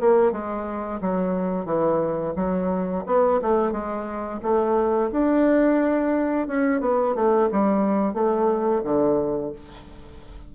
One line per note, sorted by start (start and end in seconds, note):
0.00 0.32 A#3
0.32 1.00 G#3
1.01 1.65 F#3
1.65 2.34 E3
2.36 3.04 F#3
3.06 3.40 B3
3.42 3.72 A3
3.72 4.40 G#3
4.42 5.10 A3
5.12 6.47 D4
6.47 6.81 C#4
6.81 7.15 B3
7.15 7.49 A3
7.52 8.14 G3
8.14 8.82 A3
8.84 9.52 D3